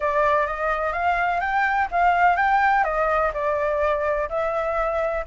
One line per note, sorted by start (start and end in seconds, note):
0.00 0.46 D5
0.46 0.92 D#5
0.92 1.40 F5
1.40 1.88 G5
1.91 2.36 F5
2.36 2.84 G5
2.84 3.31 D#5
3.33 4.29 D5
4.29 5.24 E5